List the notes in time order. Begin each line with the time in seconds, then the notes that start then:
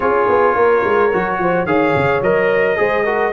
0.00 C#4 F4 G#4 C#5
0.28 B3
0.55 A#3 A#4
0.84 G#3
1.12 F#3 F#4
1.38 F3 C5
1.65 D#3 G#4 C#5 F5
1.95 C#3
2.21 F#3 A#4 D#5
2.76 G#3 G#4 C5
3.04 F#4 A#4